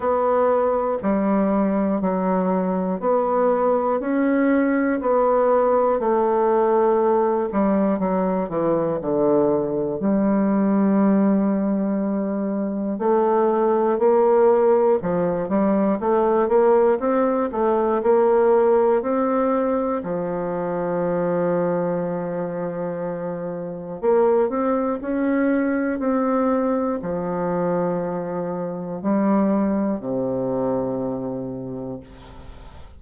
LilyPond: \new Staff \with { instrumentName = "bassoon" } { \time 4/4 \tempo 4 = 60 b4 g4 fis4 b4 | cis'4 b4 a4. g8 | fis8 e8 d4 g2~ | g4 a4 ais4 f8 g8 |
a8 ais8 c'8 a8 ais4 c'4 | f1 | ais8 c'8 cis'4 c'4 f4~ | f4 g4 c2 | }